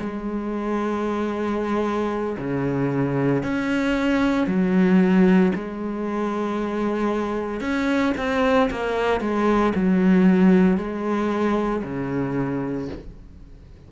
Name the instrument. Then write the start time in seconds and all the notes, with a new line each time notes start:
cello
0.00 G#3
2.38 C#3
3.43 C#4
4.47 F#3
5.55 G#3
7.61 C#4
8.17 C4
8.71 A#3
9.21 G#3
9.75 F#3
10.78 G#3
11.84 C#3